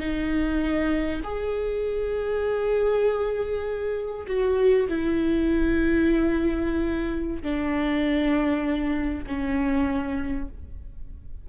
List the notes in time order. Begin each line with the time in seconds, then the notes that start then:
0.00 D#4
1.24 G#4
4.27 F#4
4.89 E4
7.43 D4
9.27 C#4